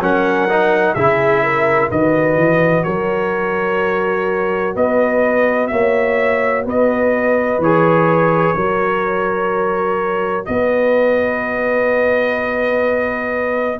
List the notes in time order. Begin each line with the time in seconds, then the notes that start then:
0.00 F#3 C#4 A#4 F#5
0.50 D#4
0.95 C#3 E4 G#4 E5
1.43 A#4
1.91 D#3 F#4 B4 D#5
2.37 E3
2.84 F#3 A#4 C#5
4.76 B3 B4 D#5
5.68 A#3 C#5 E5
6.66 B3 B4 D#5
7.59 E3 G#4 C#5
8.56 F#3 F#4 A#4
10.46 B3 B4 D#5